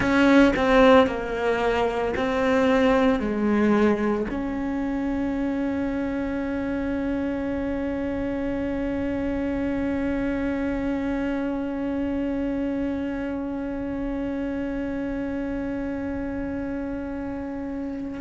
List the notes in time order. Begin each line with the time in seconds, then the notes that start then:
0.00 C#4
0.56 C4
1.07 A#3
2.16 C4
3.19 G#3
4.30 C#4